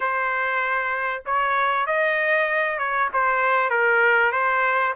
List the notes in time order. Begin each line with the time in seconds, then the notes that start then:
0.00 C5
1.25 C#5
1.86 D#5
2.78 C#5
3.13 C5
3.70 A#4
4.32 C5